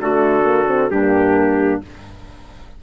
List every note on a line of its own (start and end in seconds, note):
0.00 0.90 D3
0.00 0.42 A3
0.00 0.91 F#4
0.00 0.90 A4
0.42 0.65 A#3
0.67 0.90 C4
0.90 1.81 G2
0.90 1.82 A#3
0.90 1.82 D4
0.90 1.81 G4